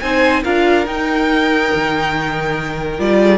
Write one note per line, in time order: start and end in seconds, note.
0.00 0.44 C4
0.00 0.44 D#4
0.00 0.43 C5
0.00 0.43 G#5
0.43 0.86 D4
0.43 0.86 F4
0.43 3.19 A#4
0.43 0.87 F5
0.86 2.98 D#4
0.86 1.71 D#4
0.86 2.99 G5
1.74 2.99 D#3
2.98 3.38 G3
2.98 3.38 F4
2.98 3.38 D5
3.19 3.38 G#4